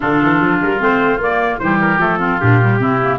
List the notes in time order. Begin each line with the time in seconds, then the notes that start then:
0.00 D3 D4 F4 A4
0.22 E3
0.41 F3
0.61 G3 A#4
0.79 A3 C4 C5
1.18 A#3 D5
1.59 E3 G3 G4 C5
1.81 A#4
1.98 F3 A3 A4
2.19 C4 F4
2.40 A#2 D4 G4
2.60 G3
2.79 C3 C4 E4
3.02 A#3